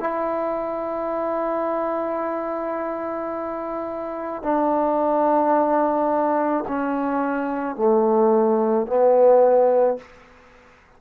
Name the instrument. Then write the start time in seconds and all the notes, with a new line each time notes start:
trombone
0.00 E4
4.42 D4
6.68 C#4
7.76 A3
8.87 B3